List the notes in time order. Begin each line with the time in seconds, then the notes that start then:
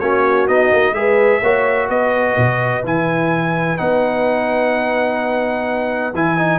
0.00 A#3 C#4 F#4 C#5
0.48 B3 D#4 D#5
0.73 A#3
0.93 G#3 G#4 B4 E5
1.42 A#3 F#4 C#5
1.89 B3 B4 D#5
2.37 B2
2.84 E3 E4 G#5
3.78 B3 D#4 F#5
6.14 E3 E4 G#5
6.38 D#4